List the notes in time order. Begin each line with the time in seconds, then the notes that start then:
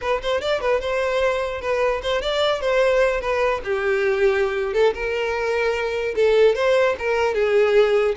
0.01 B4
0.22 C5
0.41 D5
0.60 B4
0.80 C5
1.61 B4
2.02 C5
2.21 D5
2.60 C5
3.20 B4
3.64 G4
4.73 A4
4.94 A#4
6.15 A4
6.55 C5
6.98 A#4
7.34 G#4